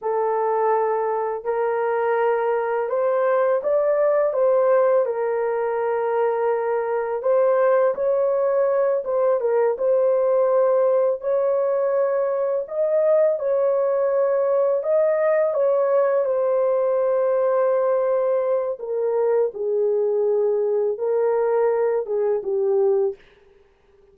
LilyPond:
\new Staff \with { instrumentName = "horn" } { \time 4/4 \tempo 4 = 83 a'2 ais'2 | c''4 d''4 c''4 ais'4~ | ais'2 c''4 cis''4~ | cis''8 c''8 ais'8 c''2 cis''8~ |
cis''4. dis''4 cis''4.~ | cis''8 dis''4 cis''4 c''4.~ | c''2 ais'4 gis'4~ | gis'4 ais'4. gis'8 g'4 | }